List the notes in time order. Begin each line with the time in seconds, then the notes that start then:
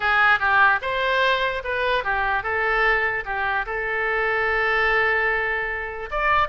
0.00 G#4
0.39 G4
0.81 C5
1.64 B4
2.04 G4
2.43 A4
3.25 G4
3.66 A4
6.10 D5